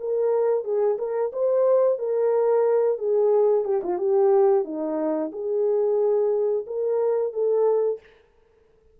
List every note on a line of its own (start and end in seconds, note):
0.00 0.64 A#4
0.64 0.98 G#4
0.98 1.32 A#4
1.32 1.99 C5
1.99 2.98 A#4
2.98 3.65 G#4
3.65 3.82 G4
3.84 3.98 F4
3.98 4.65 G4
4.65 5.31 D#4
5.32 6.65 G#4
6.67 7.33 A#4
7.33 8.00 A4